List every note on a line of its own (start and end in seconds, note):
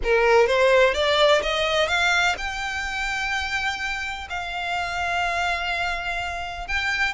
0.03 0.46 A#4
0.46 0.94 C5
0.94 1.41 D5
1.42 1.88 D#5
1.88 2.35 F5
2.37 4.28 G5
4.29 6.67 F5
6.67 7.13 G5